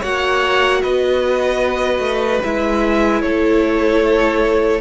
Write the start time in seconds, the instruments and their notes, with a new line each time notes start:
0.00 cello A#3, viola F#4, violin C#5 F#5
0.82 cello B3, violin B4 D#5
1.99 cello A3
2.43 cello G#3, viola E4, violin E5
3.21 cello A3, violin A4 C#5